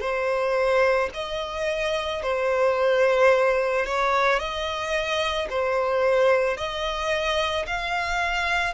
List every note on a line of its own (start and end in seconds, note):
0.00 1.09 C5
1.14 2.23 D#5
2.23 3.86 C5
3.86 4.39 C#5
4.39 5.48 D#5
5.49 6.57 C5
6.57 7.66 D#5
7.67 8.74 F5